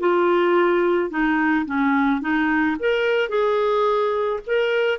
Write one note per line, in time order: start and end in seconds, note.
0.00 1.10 F4
1.10 1.66 D#4
1.66 2.21 C#4
2.21 2.77 D#4
2.80 3.29 A#4
3.29 4.40 G#4
4.47 4.99 A#4